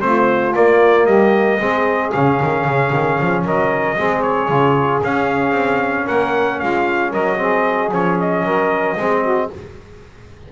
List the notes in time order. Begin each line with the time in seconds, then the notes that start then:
0.00 A3 C4 F4 C5
0.55 A#3 D5
1.06 G3 G4 D#5
1.60 G#3 C4 G#4
2.13 C#3 C#4 F5
2.43 D#3
2.65 C#3
2.93 D#3
3.20 F3
3.44 F#3 A#4 D#5
3.97 G#3 C4 G#4
4.22 C#5
4.49 C#3 F4
5.04 C#4 F5
5.51 C4
6.05 A#3 A#4 F#5
6.59 G#3 F4 F5
7.11 F#3 A#4 D#5
7.37 C4 G#4
7.92 F3 C#4 C#5
8.21 D#5
8.44 F#3 A#4
8.97 G#3 C4 G#4
9.23 F#4